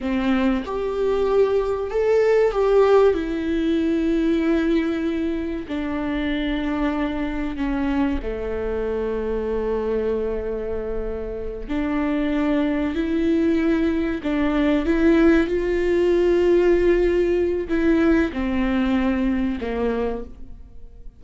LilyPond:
\new Staff \with { instrumentName = "viola" } { \time 4/4 \tempo 4 = 95 c'4 g'2 a'4 | g'4 e'2.~ | e'4 d'2. | cis'4 a2.~ |
a2~ a8 d'4.~ | d'8 e'2 d'4 e'8~ | e'8 f'2.~ f'8 | e'4 c'2 ais4 | }